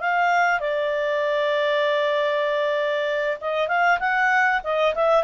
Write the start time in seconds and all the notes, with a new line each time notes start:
0.00 F5
0.60 D5
3.41 D#5
3.68 F5
4.00 F#5
4.63 D#5
4.95 E5